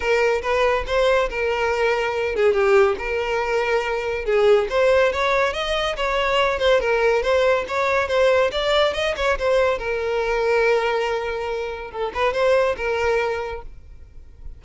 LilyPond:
\new Staff \with { instrumentName = "violin" } { \time 4/4 \tempo 4 = 141 ais'4 b'4 c''4 ais'4~ | ais'4. gis'8 g'4 ais'4~ | ais'2 gis'4 c''4 | cis''4 dis''4 cis''4. c''8 |
ais'4 c''4 cis''4 c''4 | d''4 dis''8 cis''8 c''4 ais'4~ | ais'1 | a'8 b'8 c''4 ais'2 | }